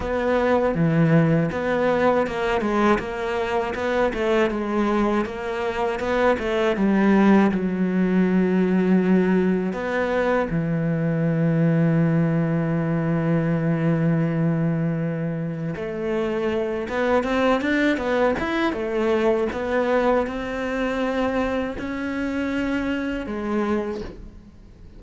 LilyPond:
\new Staff \with { instrumentName = "cello" } { \time 4/4 \tempo 4 = 80 b4 e4 b4 ais8 gis8 | ais4 b8 a8 gis4 ais4 | b8 a8 g4 fis2~ | fis4 b4 e2~ |
e1~ | e4 a4. b8 c'8 d'8 | b8 e'8 a4 b4 c'4~ | c'4 cis'2 gis4 | }